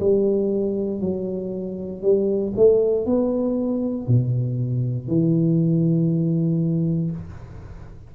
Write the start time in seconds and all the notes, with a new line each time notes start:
0.00 G3
1.01 F#3
2.02 G3
2.57 A3
3.06 B3
4.08 B2
5.08 E3